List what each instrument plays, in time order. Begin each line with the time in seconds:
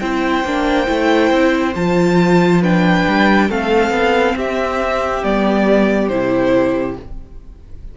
0.00 cello C4, viola E4, violin C5 G5
0.44 cello A#3, viola D4
0.86 cello A3, viola E4
1.31 cello C4
1.76 cello F3, viola F4, violin A5
2.62 viola D4, violin B4 G5
3.08 cello G3
3.49 cello A3, viola C4, violin A4 F5
3.91 cello B3
4.36 cello C4, violin G4 E5
5.24 cello G3, viola B3, violin D5
6.09 cello C3, viola E4, violin C5